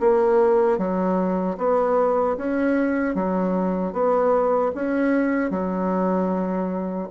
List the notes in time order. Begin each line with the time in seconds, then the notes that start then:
0.00 A#3
0.78 F#3
1.58 B3
2.37 C#4
3.15 F#3
3.93 B3
4.75 C#4
5.50 F#3